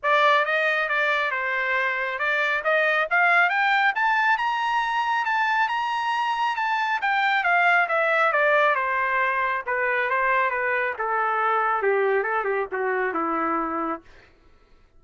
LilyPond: \new Staff \with { instrumentName = "trumpet" } { \time 4/4 \tempo 4 = 137 d''4 dis''4 d''4 c''4~ | c''4 d''4 dis''4 f''4 | g''4 a''4 ais''2 | a''4 ais''2 a''4 |
g''4 f''4 e''4 d''4 | c''2 b'4 c''4 | b'4 a'2 g'4 | a'8 g'8 fis'4 e'2 | }